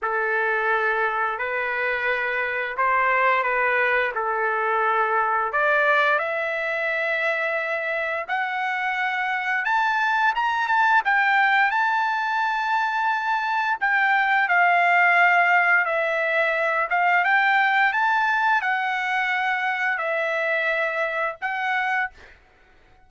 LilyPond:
\new Staff \with { instrumentName = "trumpet" } { \time 4/4 \tempo 4 = 87 a'2 b'2 | c''4 b'4 a'2 | d''4 e''2. | fis''2 a''4 ais''8 a''8 |
g''4 a''2. | g''4 f''2 e''4~ | e''8 f''8 g''4 a''4 fis''4~ | fis''4 e''2 fis''4 | }